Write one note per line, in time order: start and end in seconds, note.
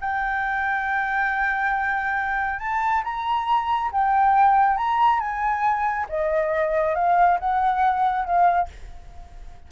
0.00 2.59 G5
2.59 3.03 A5
3.04 3.91 A#5
3.91 4.77 G5
4.77 5.19 A#5
5.19 6.06 G#5
6.09 6.95 D#5
6.95 7.38 F5
7.39 8.25 F#5
8.25 8.68 F5